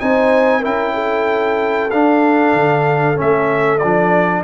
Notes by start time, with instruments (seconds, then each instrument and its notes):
0.00 tuba C4, trombone D#4, horn C5, trumpet G#5
0.61 tuba C#4, trombone E4, horn A#4, trumpet G5
0.94 horn A4
1.91 tuba D4, trombone D4, trumpet F5
2.54 tuba D3
3.15 trombone C#4, trumpet E5
3.22 tuba A3
3.79 tuba F3, trombone D4, trumpet D5